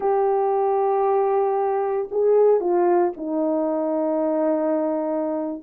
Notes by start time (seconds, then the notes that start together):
0.00 G4
2.11 G#4
2.60 F4
3.16 D#4